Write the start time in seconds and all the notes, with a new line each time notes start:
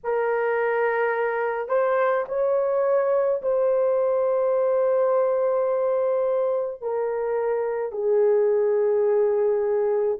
0.03 A#4
1.68 C5
2.28 C#5
3.42 C5
6.81 A#4
7.91 G#4